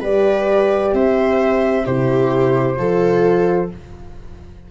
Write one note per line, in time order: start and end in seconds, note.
0.00 0.93 G3
0.00 1.85 G4
0.00 0.92 B4
0.00 0.94 D5
0.93 1.85 C4
0.93 1.84 C5
0.93 1.86 E5
1.84 2.78 C3
1.84 2.76 E4
1.84 2.77 G4
1.84 3.70 C5
2.76 3.70 F3
2.76 3.68 F4
2.76 3.70 A4